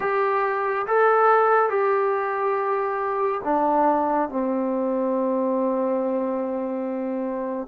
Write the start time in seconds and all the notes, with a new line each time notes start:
0.00 G4
0.86 A4
1.69 G4
3.44 D4
4.29 C4